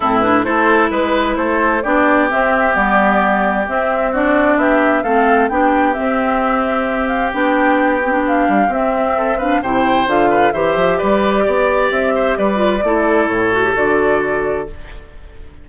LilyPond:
<<
  \new Staff \with { instrumentName = "flute" } { \time 4/4 \tempo 4 = 131 a'8 b'8 c''4 b'4 c''4 | d''4 e''4 d''2 | e''4 d''4 e''4 f''4 | g''4 e''2~ e''8 f''8 |
g''2 f''4 e''4~ | e''8 f''8 g''4 f''4 e''4 | d''2 e''4 d''4~ | d''4 cis''4 d''2 | }
  \new Staff \with { instrumentName = "oboe" } { \time 4/4 e'4 a'4 b'4 a'4 | g'1~ | g'4 fis'4 g'4 a'4 | g'1~ |
g'1 | a'8 b'8 c''4. b'8 c''4 | b'4 d''4. c''8 b'4 | a'1 | }
  \new Staff \with { instrumentName = "clarinet" } { \time 4/4 c'8 d'8 e'2. | d'4 c'4 b2 | c'4 d'2 c'4 | d'4 c'2. |
d'4. c'16 d'4~ d'16 c'4~ | c'8 d'8 e'4 f'4 g'4~ | g'2.~ g'8 f'8 | e'4. fis'16 g'16 fis'2 | }
  \new Staff \with { instrumentName = "bassoon" } { \time 4/4 a,4 a4 gis4 a4 | b4 c'4 g2 | c'2 b4 a4 | b4 c'2. |
b2~ b8 g8 c'4~ | c'4 c4 d4 e8 f8 | g4 b4 c'4 g4 | a4 a,4 d2 | }
>>